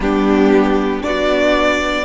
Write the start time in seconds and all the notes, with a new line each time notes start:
0.00 G3 B3 D4 G4
1.02 B3 D4 F#4 D5